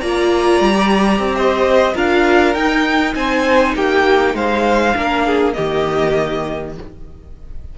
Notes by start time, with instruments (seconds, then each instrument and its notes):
0.00 cello A#3, viola F4, violin D5 A#5
0.60 cello G3
0.74 viola G4
1.19 cello C4
1.35 violin C5 D#5
1.94 cello D4, viola F4, violin A#4 F5
2.54 cello D#4, viola D#4, violin G5
3.15 cello C4, violin C5 G#5
3.75 cello A#3, violin G4 G5
4.34 cello G#3, violin C5 F5
4.96 cello A#3, viola D4, violin A#4
5.26 violin G#4
5.53 cello D#3, viola A#3, violin G4 D#5